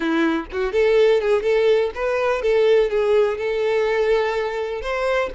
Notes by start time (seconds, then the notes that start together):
0.00 E4
0.52 F#4
0.72 A4
1.21 G#4
1.42 A4
1.94 B4
2.42 A4
2.90 G#4
3.37 A4
4.81 C5